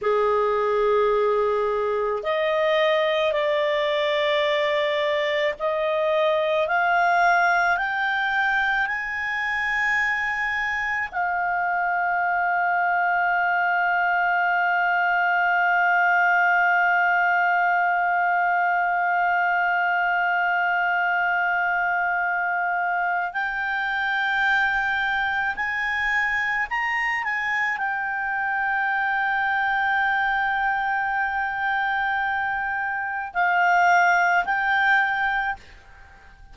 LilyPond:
\new Staff \with { instrumentName = "clarinet" } { \time 4/4 \tempo 4 = 54 gis'2 dis''4 d''4~ | d''4 dis''4 f''4 g''4 | gis''2 f''2~ | f''1~ |
f''1~ | f''4 g''2 gis''4 | ais''8 gis''8 g''2.~ | g''2 f''4 g''4 | }